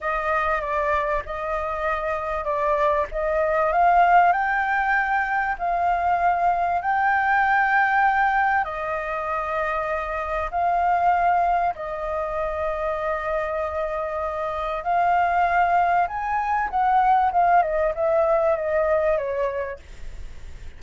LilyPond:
\new Staff \with { instrumentName = "flute" } { \time 4/4 \tempo 4 = 97 dis''4 d''4 dis''2 | d''4 dis''4 f''4 g''4~ | g''4 f''2 g''4~ | g''2 dis''2~ |
dis''4 f''2 dis''4~ | dis''1 | f''2 gis''4 fis''4 | f''8 dis''8 e''4 dis''4 cis''4 | }